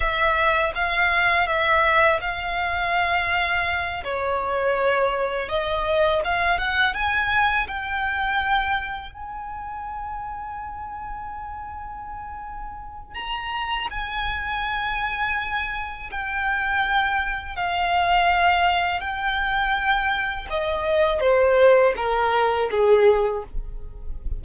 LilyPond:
\new Staff \with { instrumentName = "violin" } { \time 4/4 \tempo 4 = 82 e''4 f''4 e''4 f''4~ | f''4. cis''2 dis''8~ | dis''8 f''8 fis''8 gis''4 g''4.~ | g''8 gis''2.~ gis''8~ |
gis''2 ais''4 gis''4~ | gis''2 g''2 | f''2 g''2 | dis''4 c''4 ais'4 gis'4 | }